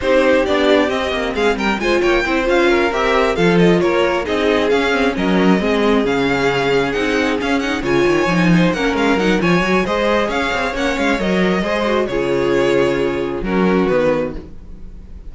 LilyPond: <<
  \new Staff \with { instrumentName = "violin" } { \time 4/4 \tempo 4 = 134 c''4 d''4 dis''4 f''8 g''8 | gis''8 g''4 f''4 e''4 f''8 | dis''8 cis''4 dis''4 f''4 dis''8~ | dis''4. f''2 fis''8~ |
fis''8 f''8 fis''8 gis''2 fis''8 | f''8 fis''8 gis''4 dis''4 f''4 | fis''8 f''8 dis''2 cis''4~ | cis''2 ais'4 b'4 | }
  \new Staff \with { instrumentName = "violin" } { \time 4/4 g'2. gis'8 ais'8 | c''8 cis''8 c''4 ais'4. a'8~ | a'8 ais'4 gis'2 ais'8~ | ais'8 gis'2.~ gis'8~ |
gis'4. cis''4. c''8 ais'8~ | ais'4 cis''4 c''4 cis''4~ | cis''2 c''4 gis'4~ | gis'2 fis'2 | }
  \new Staff \with { instrumentName = "viola" } { \time 4/4 dis'4 d'4 c'2 | f'4 e'8 f'4 g'4 f'8~ | f'4. dis'4 cis'8 c'8 cis'8~ | cis'8 c'4 cis'2 dis'8~ |
dis'8 cis'8 dis'8 f'4 dis'4 cis'8~ | cis'8 dis'8 f'8 fis'8 gis'2 | cis'4 ais'4 gis'8 fis'8 f'4~ | f'2 cis'4 b4 | }
  \new Staff \with { instrumentName = "cello" } { \time 4/4 c'4 b4 c'8 ais8 gis8 g8 | gis8 ais8 c'8 cis'4 c'4 f8~ | f8 ais4 c'4 cis'4 fis8~ | fis8 gis4 cis2 c'8~ |
c'8 cis'4 cis8 dis8 f4 ais8 | gis8 fis8 f8 fis8 gis4 cis'8 c'8 | ais8 gis8 fis4 gis4 cis4~ | cis2 fis4 dis4 | }
>>